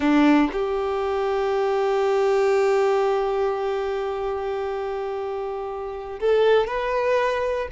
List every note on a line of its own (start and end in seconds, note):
0.00 0.50 D4
0.52 6.19 G4
6.19 6.67 A4
6.67 7.68 B4